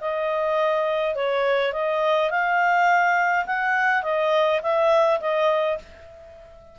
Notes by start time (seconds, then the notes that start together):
0.00 D#5
1.15 C#5
1.73 D#5
2.30 F5
3.46 F#5
4.03 D#5
4.62 E5
5.20 D#5